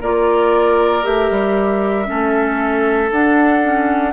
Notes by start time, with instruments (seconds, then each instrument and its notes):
0.00 bassoon A#3, clarinet F4, oboe A#4, flute D5
1.03 bassoon A3, clarinet G4, flute E5
1.30 bassoon G3
2.05 bassoon A3, clarinet C#4, oboe A4
3.11 bassoon D4, clarinet D4, flute F#5
3.63 clarinet C#4